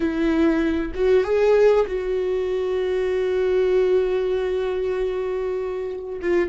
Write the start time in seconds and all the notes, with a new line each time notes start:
0.00 E4
0.94 F#4
1.24 G#4
1.86 F#4
6.21 F4